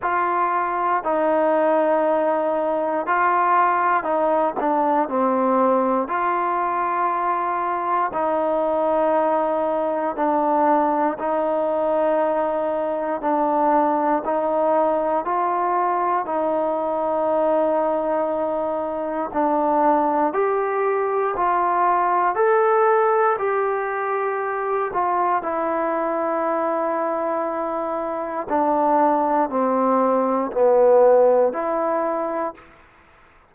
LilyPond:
\new Staff \with { instrumentName = "trombone" } { \time 4/4 \tempo 4 = 59 f'4 dis'2 f'4 | dis'8 d'8 c'4 f'2 | dis'2 d'4 dis'4~ | dis'4 d'4 dis'4 f'4 |
dis'2. d'4 | g'4 f'4 a'4 g'4~ | g'8 f'8 e'2. | d'4 c'4 b4 e'4 | }